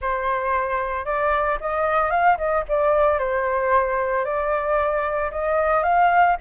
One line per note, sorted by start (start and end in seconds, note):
0.01 1.05 C5
1.05 1.58 D5
1.60 2.10 D#5
2.10 2.37 F5
2.37 2.64 D#5
2.68 3.19 D5
3.19 4.24 C5
4.24 5.30 D5
5.31 5.83 D#5
5.83 6.36 F5